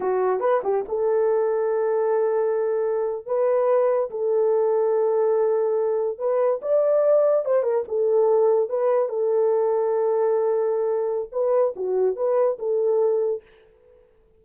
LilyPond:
\new Staff \with { instrumentName = "horn" } { \time 4/4 \tempo 4 = 143 fis'4 b'8 g'8 a'2~ | a'2.~ a'8. b'16~ | b'4.~ b'16 a'2~ a'16~ | a'2~ a'8. b'4 d''16~ |
d''4.~ d''16 c''8 ais'8 a'4~ a'16~ | a'8. b'4 a'2~ a'16~ | a'2. b'4 | fis'4 b'4 a'2 | }